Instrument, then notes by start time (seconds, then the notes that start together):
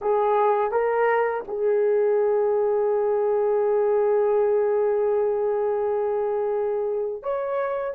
horn
0.01 G#4
0.71 A#4
1.47 G#4
7.22 C#5